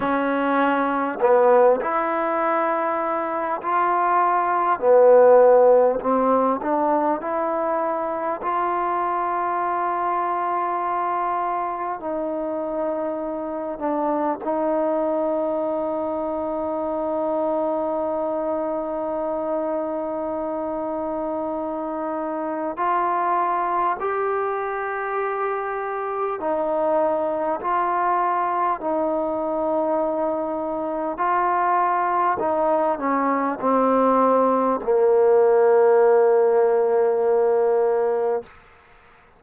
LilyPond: \new Staff \with { instrumentName = "trombone" } { \time 4/4 \tempo 4 = 50 cis'4 b8 e'4. f'4 | b4 c'8 d'8 e'4 f'4~ | f'2 dis'4. d'8 | dis'1~ |
dis'2. f'4 | g'2 dis'4 f'4 | dis'2 f'4 dis'8 cis'8 | c'4 ais2. | }